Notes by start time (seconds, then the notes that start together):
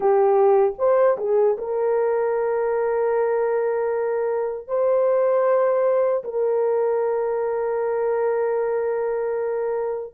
0.00 G4
0.78 C5
1.17 G#4
1.58 A#4
4.67 C5
6.24 A#4